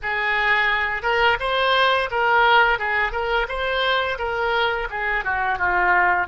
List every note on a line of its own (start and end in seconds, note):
0.02 1.02 G#4
1.02 1.37 A#4
1.40 2.09 C5
2.10 2.78 A#4
2.78 3.12 G#4
3.12 3.47 A#4
3.48 4.18 C5
4.18 4.88 A#4
4.90 5.24 G#4
5.24 5.58 F#4
5.58 6.27 F4